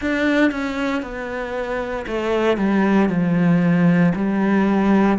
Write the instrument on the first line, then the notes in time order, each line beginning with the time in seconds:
cello
0.01 D4
0.51 C#4
1.02 B3
2.07 A3
2.57 G3
3.09 F3
4.15 G3